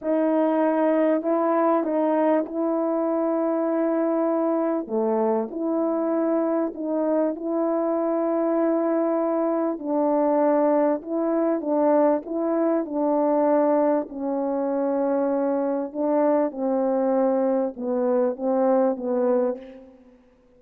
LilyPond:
\new Staff \with { instrumentName = "horn" } { \time 4/4 \tempo 4 = 98 dis'2 e'4 dis'4 | e'1 | a4 e'2 dis'4 | e'1 |
d'2 e'4 d'4 | e'4 d'2 cis'4~ | cis'2 d'4 c'4~ | c'4 b4 c'4 b4 | }